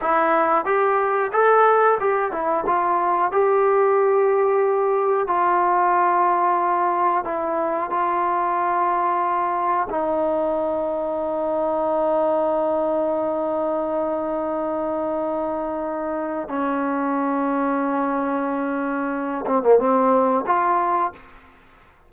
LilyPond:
\new Staff \with { instrumentName = "trombone" } { \time 4/4 \tempo 4 = 91 e'4 g'4 a'4 g'8 e'8 | f'4 g'2. | f'2. e'4 | f'2. dis'4~ |
dis'1~ | dis'1~ | dis'4 cis'2.~ | cis'4. c'16 ais16 c'4 f'4 | }